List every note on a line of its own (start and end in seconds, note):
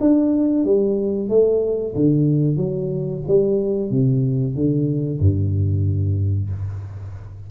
0.00 0.65 D4
0.65 1.29 G3
1.29 1.94 A3
1.95 2.57 D3
2.57 3.22 F#3
3.28 3.90 G3
3.90 4.55 C3
4.55 5.20 D3
5.20 6.50 G2